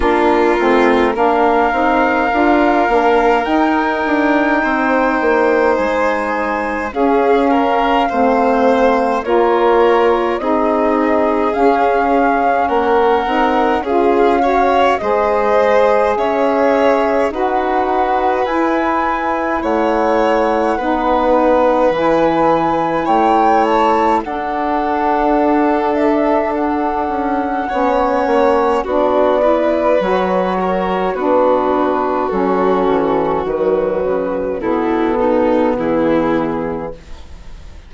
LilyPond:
<<
  \new Staff \with { instrumentName = "flute" } { \time 4/4 \tempo 4 = 52 ais'4 f''2 g''4~ | g''4 gis''4 f''2 | cis''4 dis''4 f''4 fis''4 | f''4 dis''4 e''4 fis''4 |
gis''4 fis''2 gis''4 | g''8 a''8 fis''4. e''8 fis''4~ | fis''4 d''4 cis''4 b'4 | a'4 b'4 a'4 gis'4 | }
  \new Staff \with { instrumentName = "violin" } { \time 4/4 f'4 ais'2. | c''2 gis'8 ais'8 c''4 | ais'4 gis'2 ais'4 | gis'8 cis''8 c''4 cis''4 b'4~ |
b'4 cis''4 b'2 | cis''4 a'2. | cis''4 fis'8 b'4 ais'8 fis'4~ | fis'2 e'8 dis'8 e'4 | }
  \new Staff \with { instrumentName = "saxophone" } { \time 4/4 d'8 c'8 d'8 dis'8 f'8 d'8 dis'4~ | dis'2 cis'4 c'4 | f'4 dis'4 cis'4. dis'8 | f'8 fis'8 gis'2 fis'4 |
e'2 dis'4 e'4~ | e'4 d'2. | cis'4 d'8 e'8 fis'4 d'4 | cis'4 fis4 b2 | }
  \new Staff \with { instrumentName = "bassoon" } { \time 4/4 ais8 a8 ais8 c'8 d'8 ais8 dis'8 d'8 | c'8 ais8 gis4 cis'4 a4 | ais4 c'4 cis'4 ais8 c'8 | cis'4 gis4 cis'4 dis'4 |
e'4 a4 b4 e4 | a4 d'2~ d'8 cis'8 | b8 ais8 b4 fis4 b4 | fis8 e8 dis8 cis8 b,4 e4 | }
>>